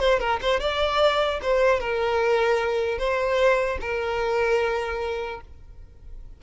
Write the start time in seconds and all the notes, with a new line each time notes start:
0.00 C5
0.20 A#4
0.42 C5
0.61 D5
1.43 C5
1.81 A#4
2.99 C5
3.81 A#4